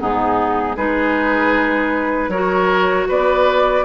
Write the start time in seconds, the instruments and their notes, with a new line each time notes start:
0.00 bassoon G#2, clarinet B3, oboe D#4, flute G#4
0.76 bassoon G#3, clarinet D#4, oboe G#4, flute B4
2.28 bassoon F#3, clarinet F#4, oboe A#4, flute C#5
3.08 bassoon B3, oboe B4, flute D5